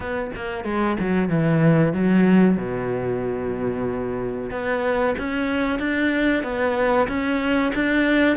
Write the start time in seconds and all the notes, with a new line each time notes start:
0.00 B3
0.35 A#3
0.64 G#3
0.99 F#3
1.28 E3
1.93 F#3
2.57 B2
4.50 B3
5.18 C#4
5.79 D4
6.43 B3
7.08 C#4
7.74 D4